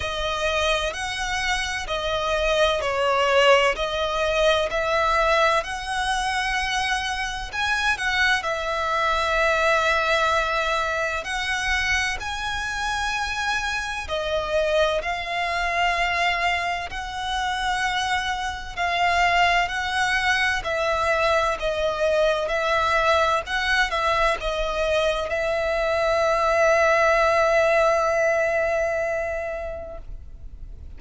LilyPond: \new Staff \with { instrumentName = "violin" } { \time 4/4 \tempo 4 = 64 dis''4 fis''4 dis''4 cis''4 | dis''4 e''4 fis''2 | gis''8 fis''8 e''2. | fis''4 gis''2 dis''4 |
f''2 fis''2 | f''4 fis''4 e''4 dis''4 | e''4 fis''8 e''8 dis''4 e''4~ | e''1 | }